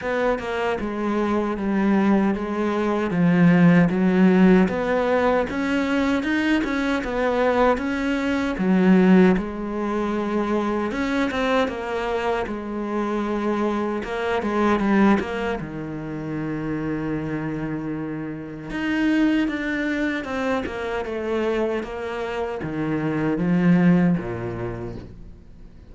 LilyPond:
\new Staff \with { instrumentName = "cello" } { \time 4/4 \tempo 4 = 77 b8 ais8 gis4 g4 gis4 | f4 fis4 b4 cis'4 | dis'8 cis'8 b4 cis'4 fis4 | gis2 cis'8 c'8 ais4 |
gis2 ais8 gis8 g8 ais8 | dis1 | dis'4 d'4 c'8 ais8 a4 | ais4 dis4 f4 ais,4 | }